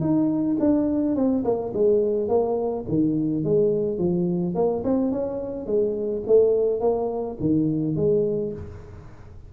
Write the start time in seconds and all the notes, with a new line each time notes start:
0.00 D#4
0.59 D4
1.16 C4
1.44 A#3
1.73 G#3
2.28 A#3
2.88 D#3
3.44 G#3
3.98 F3
4.55 A#3
4.84 C4
5.11 C#4
5.66 G#3
6.26 A3
6.80 A#3
7.40 D#3
7.96 G#3